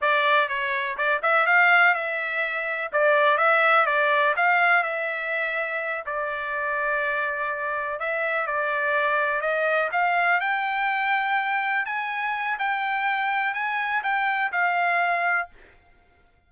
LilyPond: \new Staff \with { instrumentName = "trumpet" } { \time 4/4 \tempo 4 = 124 d''4 cis''4 d''8 e''8 f''4 | e''2 d''4 e''4 | d''4 f''4 e''2~ | e''8 d''2.~ d''8~ |
d''8 e''4 d''2 dis''8~ | dis''8 f''4 g''2~ g''8~ | g''8 gis''4. g''2 | gis''4 g''4 f''2 | }